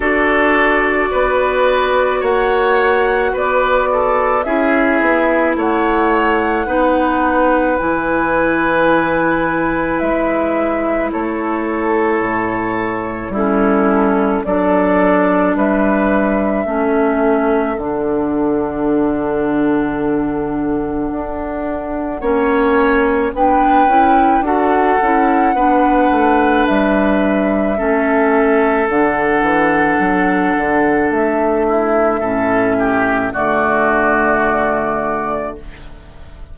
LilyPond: <<
  \new Staff \with { instrumentName = "flute" } { \time 4/4 \tempo 4 = 54 d''2 fis''4 d''4 | e''4 fis''2 gis''4~ | gis''4 e''4 cis''2 | a'4 d''4 e''2 |
fis''1~ | fis''4 g''4 fis''2 | e''2 fis''2 | e''2 d''2 | }
  \new Staff \with { instrumentName = "oboe" } { \time 4/4 a'4 b'4 cis''4 b'8 a'8 | gis'4 cis''4 b'2~ | b'2 a'2 | e'4 a'4 b'4 a'4~ |
a'1 | cis''4 b'4 a'4 b'4~ | b'4 a'2.~ | a'8 e'8 a'8 g'8 fis'2 | }
  \new Staff \with { instrumentName = "clarinet" } { \time 4/4 fis'1 | e'2 dis'4 e'4~ | e'1 | cis'4 d'2 cis'4 |
d'1 | cis'4 d'8 e'8 fis'8 e'8 d'4~ | d'4 cis'4 d'2~ | d'4 cis'4 a2 | }
  \new Staff \with { instrumentName = "bassoon" } { \time 4/4 d'4 b4 ais4 b4 | cis'8 b8 a4 b4 e4~ | e4 gis4 a4 a,4 | g4 fis4 g4 a4 |
d2. d'4 | ais4 b8 cis'8 d'8 cis'8 b8 a8 | g4 a4 d8 e8 fis8 d8 | a4 a,4 d2 | }
>>